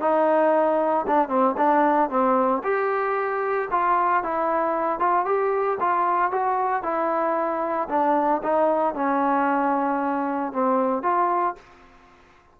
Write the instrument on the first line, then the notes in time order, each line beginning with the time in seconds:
trombone
0.00 D#4
1.07 D4
1.28 C4
1.57 D4
2.09 C4
2.63 G4
3.70 F4
4.23 E4
4.99 F4
5.25 G4
5.80 F4
6.31 F#4
6.82 E4
7.89 D4
8.43 D#4
8.94 C#4
10.52 C4
11.02 F4